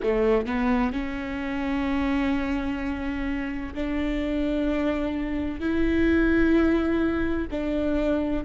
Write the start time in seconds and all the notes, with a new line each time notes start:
0.03 A3
0.46 B3
0.92 C#4
3.74 D4
5.60 E4
7.50 D4